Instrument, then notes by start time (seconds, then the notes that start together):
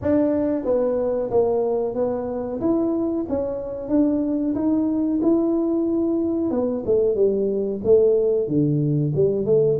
tuba
0.01 D4
0.64 B3
1.30 A#3
1.94 B3
2.60 E4
3.28 C#4
3.89 D4
4.54 D#4
5.22 E4
6.50 B3
6.85 A3
7.15 G3
7.83 A3
8.47 D3
9.15 G3
9.45 A3